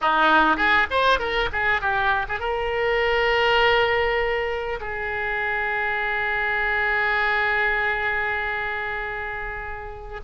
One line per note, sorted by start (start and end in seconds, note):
0.01 0.56 D#4
0.56 0.86 G#4
0.90 1.19 C5
1.19 1.49 A#4
1.52 1.81 G#4
1.81 2.26 G4
2.28 2.39 G#4
2.39 4.79 A#4
4.80 10.20 G#4